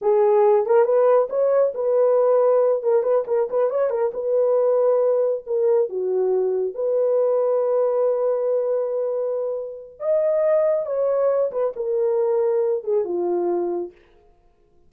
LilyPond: \new Staff \with { instrumentName = "horn" } { \time 4/4 \tempo 4 = 138 gis'4. ais'8 b'4 cis''4 | b'2~ b'8 ais'8 b'8 ais'8 | b'8 cis''8 ais'8 b'2~ b'8~ | b'8 ais'4 fis'2 b'8~ |
b'1~ | b'2. dis''4~ | dis''4 cis''4. b'8 ais'4~ | ais'4. gis'8 f'2 | }